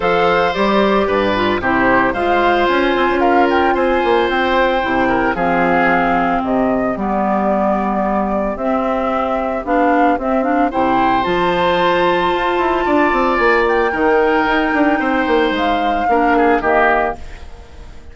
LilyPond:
<<
  \new Staff \with { instrumentName = "flute" } { \time 4/4 \tempo 4 = 112 f''4 d''2 c''4 | f''4 gis''4 f''8 g''8 gis''4 | g''2 f''2 | dis''4 d''2. |
e''2 f''4 e''8 f''8 | g''4 a''2.~ | a''4 gis''8 g''2~ g''8~ | g''4 f''2 dis''4 | }
  \new Staff \with { instrumentName = "oboe" } { \time 4/4 c''2 b'4 g'4 | c''2 ais'4 c''4~ | c''4. ais'8 gis'2 | g'1~ |
g'1 | c''1 | d''2 ais'2 | c''2 ais'8 gis'8 g'4 | }
  \new Staff \with { instrumentName = "clarinet" } { \time 4/4 a'4 g'4. f'8 e'4 | f'1~ | f'4 e'4 c'2~ | c'4 b2. |
c'2 d'4 c'8 d'8 | e'4 f'2.~ | f'2 dis'2~ | dis'2 d'4 ais4 | }
  \new Staff \with { instrumentName = "bassoon" } { \time 4/4 f4 g4 g,4 c4 | gis4 cis'8 c'16 cis'4~ cis'16 c'8 ais8 | c'4 c4 f2 | c4 g2. |
c'2 b4 c'4 | c4 f2 f'8 e'8 | d'8 c'8 ais4 dis4 dis'8 d'8 | c'8 ais8 gis4 ais4 dis4 | }
>>